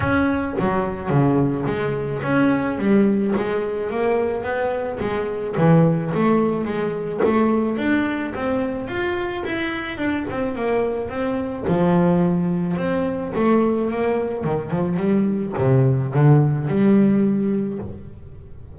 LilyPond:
\new Staff \with { instrumentName = "double bass" } { \time 4/4 \tempo 4 = 108 cis'4 fis4 cis4 gis4 | cis'4 g4 gis4 ais4 | b4 gis4 e4 a4 | gis4 a4 d'4 c'4 |
f'4 e'4 d'8 c'8 ais4 | c'4 f2 c'4 | a4 ais4 dis8 f8 g4 | c4 d4 g2 | }